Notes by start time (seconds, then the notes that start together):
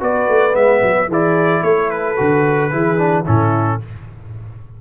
0.00 B3 F#4 B4 D5
0.28 A3
0.51 G#3 B3 E5
0.82 F#3
1.08 E3 E4 G#4 D5
1.63 A3 A4 C#5
1.90 B4
2.17 D3 F#4
2.71 E3 E4 G#4
2.98 D4
3.23 A2 C#4 E4 A4